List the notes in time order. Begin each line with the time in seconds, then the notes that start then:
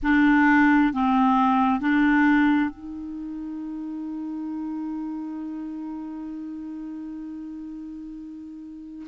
0.02 D4
0.93 C4
1.80 D4
2.70 D#4